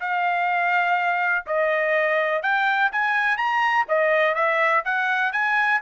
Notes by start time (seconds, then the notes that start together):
0.00 F5
1.46 D#5
2.43 G5
2.92 G#5
3.37 A#5
3.88 D#5
4.35 E5
4.85 F#5
5.32 G#5